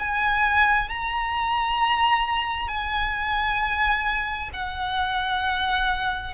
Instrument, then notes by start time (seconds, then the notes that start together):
violin
0.00 G#5
0.90 A#5
2.69 G#5
4.54 F#5